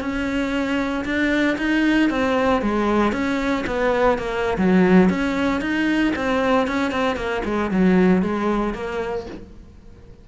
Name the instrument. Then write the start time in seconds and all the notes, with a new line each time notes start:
cello
0.00 C#4
1.05 D4
1.57 D#4
2.09 C4
2.62 G#3
3.12 C#4
3.66 B3
4.18 A#3
4.57 F#3
5.09 C#4
5.61 D#4
6.16 C4
6.67 C#4
6.91 C4
7.16 A#3
7.44 G#3
7.71 F#3
8.22 G#3
8.73 A#3